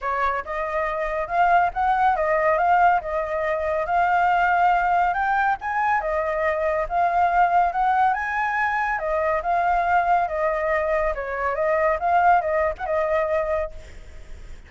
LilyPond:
\new Staff \with { instrumentName = "flute" } { \time 4/4 \tempo 4 = 140 cis''4 dis''2 f''4 | fis''4 dis''4 f''4 dis''4~ | dis''4 f''2. | g''4 gis''4 dis''2 |
f''2 fis''4 gis''4~ | gis''4 dis''4 f''2 | dis''2 cis''4 dis''4 | f''4 dis''8. fis''16 dis''2 | }